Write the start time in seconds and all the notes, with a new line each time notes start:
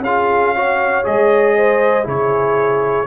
0.00 C#4 F4 G#4 F5
0.55 F#4 C#5
1.03 G#3 G#4 D#5
1.57 C5
2.03 C#3 E4 G#4 C#5